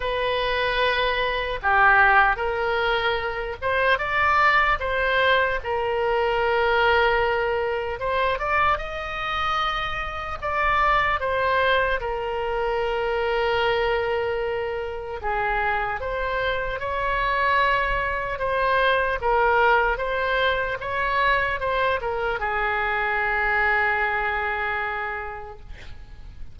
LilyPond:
\new Staff \with { instrumentName = "oboe" } { \time 4/4 \tempo 4 = 75 b'2 g'4 ais'4~ | ais'8 c''8 d''4 c''4 ais'4~ | ais'2 c''8 d''8 dis''4~ | dis''4 d''4 c''4 ais'4~ |
ais'2. gis'4 | c''4 cis''2 c''4 | ais'4 c''4 cis''4 c''8 ais'8 | gis'1 | }